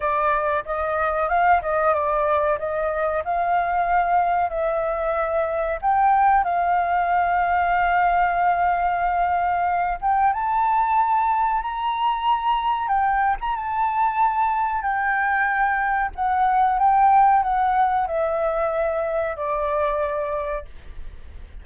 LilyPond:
\new Staff \with { instrumentName = "flute" } { \time 4/4 \tempo 4 = 93 d''4 dis''4 f''8 dis''8 d''4 | dis''4 f''2 e''4~ | e''4 g''4 f''2~ | f''2.~ f''8 g''8 |
a''2 ais''2 | g''8. ais''16 a''2 g''4~ | g''4 fis''4 g''4 fis''4 | e''2 d''2 | }